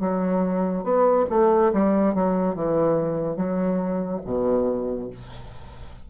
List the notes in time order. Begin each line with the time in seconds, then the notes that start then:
0.00 F#3
0.83 B3
1.29 A3
1.73 G3
2.14 F#3
2.55 E3
3.36 F#3
4.25 B2